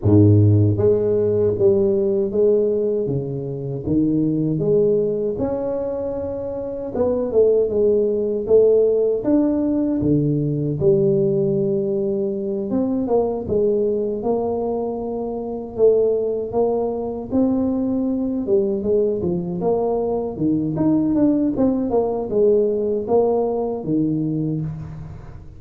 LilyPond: \new Staff \with { instrumentName = "tuba" } { \time 4/4 \tempo 4 = 78 gis,4 gis4 g4 gis4 | cis4 dis4 gis4 cis'4~ | cis'4 b8 a8 gis4 a4 | d'4 d4 g2~ |
g8 c'8 ais8 gis4 ais4.~ | ais8 a4 ais4 c'4. | g8 gis8 f8 ais4 dis8 dis'8 d'8 | c'8 ais8 gis4 ais4 dis4 | }